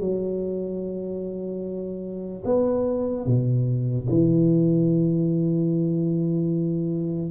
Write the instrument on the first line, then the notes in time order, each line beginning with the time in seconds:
tuba
0.00 F#3
2.45 B3
3.26 B2
4.09 E3